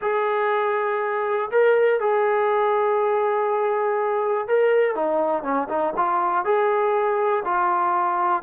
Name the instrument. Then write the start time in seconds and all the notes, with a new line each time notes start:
trombone
0.01 G#4
1.51 A#4
2.00 G#4
4.47 A#4
4.95 D#4
5.43 C#4
5.68 D#4
5.96 F4
6.44 G#4
7.44 F4